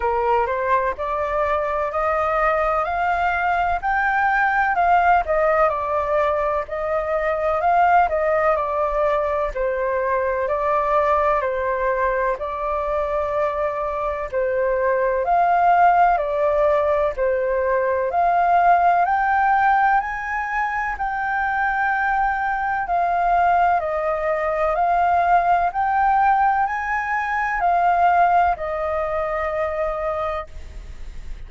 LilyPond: \new Staff \with { instrumentName = "flute" } { \time 4/4 \tempo 4 = 63 ais'8 c''8 d''4 dis''4 f''4 | g''4 f''8 dis''8 d''4 dis''4 | f''8 dis''8 d''4 c''4 d''4 | c''4 d''2 c''4 |
f''4 d''4 c''4 f''4 | g''4 gis''4 g''2 | f''4 dis''4 f''4 g''4 | gis''4 f''4 dis''2 | }